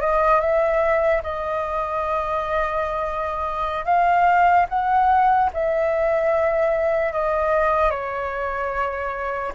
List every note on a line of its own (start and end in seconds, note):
0.00 0.40 D#5
0.40 1.21 E5
1.23 3.84 D#5
3.84 4.65 F5
4.69 5.50 F#5
5.53 7.12 E5
7.12 7.90 D#5
7.90 9.52 C#5